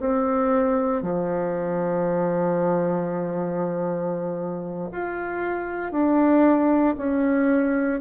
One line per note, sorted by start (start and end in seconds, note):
0.00 1.03 C4
1.03 4.90 F3
4.92 5.92 F4
5.92 6.95 D4
6.97 8.01 C#4